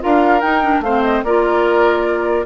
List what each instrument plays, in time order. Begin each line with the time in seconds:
0.00 bassoon D4, clarinet F4, oboe A#4, flute F5
0.41 bassoon D#4, clarinet D#4, flute G5
0.62 clarinet D4
0.80 bassoon A3, clarinet C4, oboe C5, flute F5
1.02 flute D#5
1.23 bassoon A#3, clarinet F4, oboe A#4, flute D5